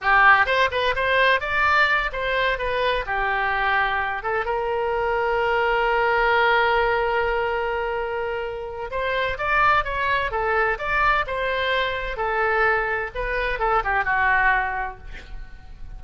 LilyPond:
\new Staff \with { instrumentName = "oboe" } { \time 4/4 \tempo 4 = 128 g'4 c''8 b'8 c''4 d''4~ | d''8 c''4 b'4 g'4.~ | g'4 a'8 ais'2~ ais'8~ | ais'1~ |
ais'2. c''4 | d''4 cis''4 a'4 d''4 | c''2 a'2 | b'4 a'8 g'8 fis'2 | }